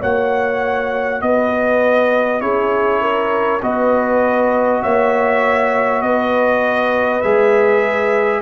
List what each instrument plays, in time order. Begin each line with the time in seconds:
0.00 tuba A#3, trombone F#4, horn C#5, trumpet F#5
1.21 tuba B3, horn B4, trumpet D#5
2.40 tuba C#4, trombone E4, horn G#4, trumpet C#5
3.01 horn A#4
3.62 tuba B3, trombone F#4, horn B4, trumpet D#5
4.82 tuba A#3, horn C#5, trumpet E5
6.01 tuba B3, horn B4, trumpet D#5
7.21 tuba G#3, trombone G#4, trumpet E5